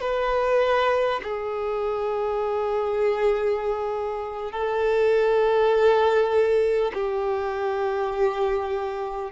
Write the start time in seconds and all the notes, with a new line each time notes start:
0.00 B4
1.23 G#4
4.52 A4
6.93 G4